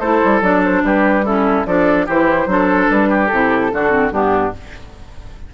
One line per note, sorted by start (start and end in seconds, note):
0.00 0.21 A3
0.00 0.43 E4
0.00 0.82 A4
0.00 0.42 C5
0.24 0.41 G3
0.41 0.82 F#3
0.41 1.25 D4
0.41 0.62 D5
0.64 0.85 C5
0.83 1.65 G3
0.83 1.25 G4
0.83 1.25 B4
1.25 1.66 C#4
1.25 1.66 E4
1.25 1.66 A4
1.66 2.07 F3
1.66 2.08 D4
1.66 2.06 A4
1.66 2.07 D5
2.06 2.46 E3
2.06 2.48 E4
2.06 2.47 G4
2.06 2.89 C5
2.46 2.87 F#3
2.46 3.30 D4
2.46 3.09 A4
2.89 3.32 G3
2.89 3.27 B4
3.09 3.71 G4
3.27 3.73 C3
3.27 3.72 E4
3.27 4.10 A4
3.72 4.11 D3
3.72 3.90 D4
3.72 4.13 F#4
3.90 4.11 C4
4.11 4.52 G2
4.11 4.53 B3
4.11 4.54 D4
4.11 4.54 G4